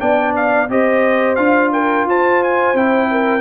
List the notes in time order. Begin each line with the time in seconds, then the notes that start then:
0.00 B3 D4 D5 G5
0.36 F5
0.70 C4 G4 C5 D#5
1.36 D4 F4 F5
1.73 A#4 G5
2.06 F4 C5 A5
2.44 G#5
2.74 C4 E4 G5
3.11 A#4